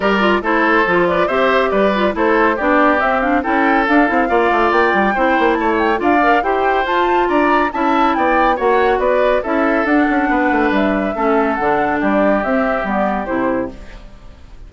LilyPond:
<<
  \new Staff \with { instrumentName = "flute" } { \time 4/4 \tempo 4 = 140 d''4 c''4. d''8 e''4 | d''4 c''4 d''4 e''8 f''8 | g''4 f''2 g''4~ | g''4 a''8 g''8 f''4 g''4 |
a''4 ais''4 a''4 g''4 | fis''4 d''4 e''4 fis''4~ | fis''4 e''2 fis''4 | d''4 e''4 d''4 c''4 | }
  \new Staff \with { instrumentName = "oboe" } { \time 4/4 ais'4 a'4. b'8 c''4 | b'4 a'4 g'2 | a'2 d''2 | c''4 cis''4 d''4 c''4~ |
c''4 d''4 e''4 d''4 | cis''4 b'4 a'2 | b'2 a'2 | g'1 | }
  \new Staff \with { instrumentName = "clarinet" } { \time 4/4 g'8 f'8 e'4 f'4 g'4~ | g'8 f'8 e'4 d'4 c'8 d'8 | e'4 d'8 e'8 f'2 | e'2 f'8 ais'8 g'4 |
f'2 e'2 | fis'2 e'4 d'4~ | d'2 cis'4 d'4~ | d'4 c'4 b4 e'4 | }
  \new Staff \with { instrumentName = "bassoon" } { \time 4/4 g4 a4 f4 c'4 | g4 a4 b4 c'4 | cis'4 d'8 c'8 ais8 a8 ais8 g8 | c'8 ais8 a4 d'4 e'4 |
f'4 d'4 cis'4 b4 | ais4 b4 cis'4 d'8 cis'8 | b8 a8 g4 a4 d4 | g4 c'4 g4 c4 | }
>>